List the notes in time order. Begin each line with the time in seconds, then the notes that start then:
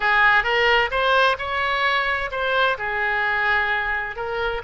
0.00 G#4
0.43 A#4
0.90 C5
1.38 C#5
2.31 C5
2.78 G#4
4.15 A#4